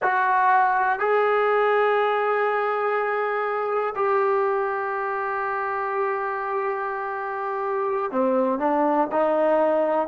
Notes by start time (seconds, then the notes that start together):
0.02 F#4
0.99 G#4
3.95 G4
8.11 C4
8.58 D4
9.11 D#4